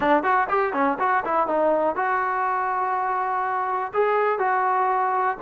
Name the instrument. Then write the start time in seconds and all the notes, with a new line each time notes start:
trombone
0.00 D4
0.23 F#4
0.49 G4
0.73 C#4
0.99 F#4
1.25 E4
1.47 D#4
1.95 F#4
3.93 G#4
4.38 F#4